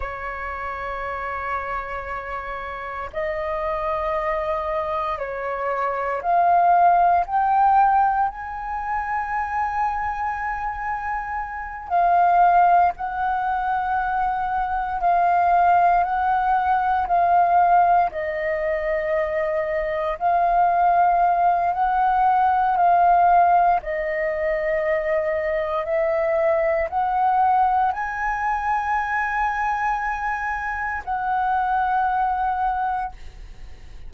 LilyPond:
\new Staff \with { instrumentName = "flute" } { \time 4/4 \tempo 4 = 58 cis''2. dis''4~ | dis''4 cis''4 f''4 g''4 | gis''2.~ gis''8 f''8~ | f''8 fis''2 f''4 fis''8~ |
fis''8 f''4 dis''2 f''8~ | f''4 fis''4 f''4 dis''4~ | dis''4 e''4 fis''4 gis''4~ | gis''2 fis''2 | }